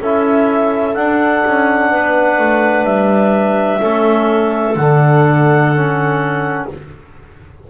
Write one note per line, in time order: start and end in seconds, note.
0.00 0.96 C#4
0.00 0.95 E4
0.00 1.90 A4
0.00 0.94 E5
0.94 3.79 D4
0.94 1.44 D4
0.94 2.85 F#5
1.46 1.92 C#4
1.90 2.38 B3
1.90 3.81 B4
2.38 2.84 A3
2.84 3.79 G3
2.84 4.75 E5
3.79 4.75 A3
3.79 4.74 C#4
3.79 6.66 A4
4.75 6.66 D3
4.75 5.75 D4
4.75 6.66 F#5
5.75 6.70 C#4